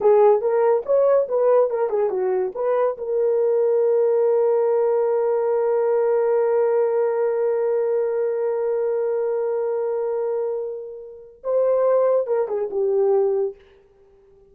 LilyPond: \new Staff \with { instrumentName = "horn" } { \time 4/4 \tempo 4 = 142 gis'4 ais'4 cis''4 b'4 | ais'8 gis'8 fis'4 b'4 ais'4~ | ais'1~ | ais'1~ |
ais'1~ | ais'1~ | ais'2. c''4~ | c''4 ais'8 gis'8 g'2 | }